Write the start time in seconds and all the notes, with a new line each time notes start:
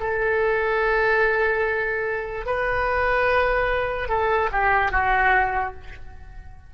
0.00 A4
2.46 B4
4.09 A4
4.52 G4
4.92 F#4